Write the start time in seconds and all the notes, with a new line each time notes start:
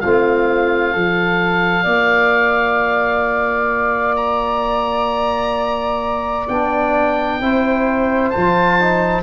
0.00 A3 C4 F4 F5
0.92 F3 F4 A4
1.83 A#3 D5
4.16 A#5
6.48 B3 D4 G5
7.40 C4 E4 C5
8.29 F4 A5
8.36 F3
8.80 D#4